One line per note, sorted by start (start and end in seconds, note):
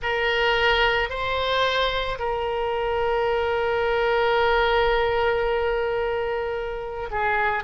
0.02 1.09 A#4
1.09 2.18 C5
2.18 7.09 A#4
7.11 7.63 G#4